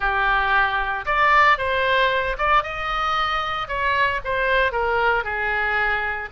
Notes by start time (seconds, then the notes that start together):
0.00 G4
1.05 D5
1.58 C5
2.38 D5
2.63 D#5
3.67 C#5
4.24 C5
4.72 A#4
5.24 G#4